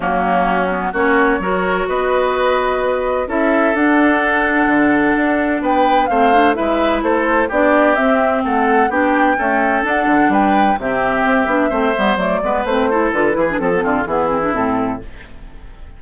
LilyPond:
<<
  \new Staff \with { instrumentName = "flute" } { \time 4/4 \tempo 4 = 128 fis'2 cis''2 | dis''2. e''4 | fis''1 | g''4 f''4 e''4 c''4 |
d''4 e''4 fis''4 g''4~ | g''4 fis''4 g''4 e''4~ | e''2 d''4 c''4 | b'4 a'4 gis'4 a'4 | }
  \new Staff \with { instrumentName = "oboe" } { \time 4/4 cis'2 fis'4 ais'4 | b'2. a'4~ | a'1 | b'4 c''4 b'4 a'4 |
g'2 a'4 g'4 | a'2 b'4 g'4~ | g'4 c''4. b'4 a'8~ | a'8 gis'8 a'8 f'8 e'2 | }
  \new Staff \with { instrumentName = "clarinet" } { \time 4/4 ais4. b8 cis'4 fis'4~ | fis'2. e'4 | d'1~ | d'4 c'8 d'8 e'2 |
d'4 c'2 d'4 | a4 d'2 c'4~ | c'8 d'8 c'8 b8 a8 b8 c'8 e'8 | f'8 e'16 d'16 c'16 b16 c'8 b8 c'16 d'16 c'4 | }
  \new Staff \with { instrumentName = "bassoon" } { \time 4/4 fis2 ais4 fis4 | b2. cis'4 | d'2 d4 d'4 | b4 a4 gis4 a4 |
b4 c'4 a4 b4 | cis'4 d'8 d8 g4 c4 | c'8 b8 a8 g8 fis8 gis8 a4 | d8 e8 f8 d8 e4 a,4 | }
>>